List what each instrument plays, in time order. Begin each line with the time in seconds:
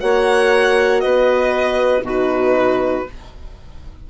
0.00 bassoon A#3, horn F#4, clarinet C#5, violin F#5
1.01 bassoon B3, clarinet B4, violin D#5
2.01 bassoon B2, horn D#4, clarinet F#4
2.08 violin B4